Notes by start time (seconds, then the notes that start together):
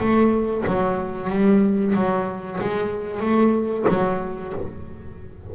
0.00 A3
0.67 F#3
1.30 G3
1.95 F#3
2.61 G#3
3.21 A3
3.89 F#3